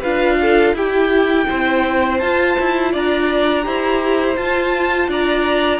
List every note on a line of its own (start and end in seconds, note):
0.00 0.73 D4
0.00 0.76 F4
0.00 0.36 B4
0.00 0.75 F5
0.41 0.77 A4
0.73 1.45 E4
0.73 2.22 E4
0.73 1.48 G4
0.73 2.18 G5
1.48 2.21 C4
1.48 2.91 C5
2.18 2.57 F4
2.18 3.63 F4
2.18 2.90 A5
2.59 2.94 E4
2.91 3.66 D4
2.91 3.64 D5
2.91 4.37 A#5
3.63 4.37 E4
3.63 4.35 G4
3.63 5.09 C5
4.37 5.08 F4
4.37 5.80 F4
4.37 5.09 A5
5.08 5.80 D4
5.08 5.80 D5
5.08 5.80 A#5